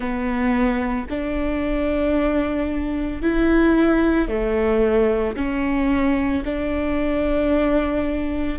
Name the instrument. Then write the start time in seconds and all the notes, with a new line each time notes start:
viola
0.00 B3
1.09 D4
3.21 E4
4.28 A3
5.36 C#4
6.44 D4